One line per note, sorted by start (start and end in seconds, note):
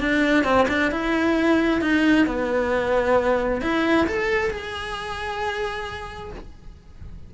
0.00 0.44 D4
0.44 0.67 C4
0.68 0.91 D4
0.91 1.81 E4
1.81 2.26 D#4
2.26 3.62 B3
3.62 4.07 E4
4.07 4.50 A4
4.50 6.31 G#4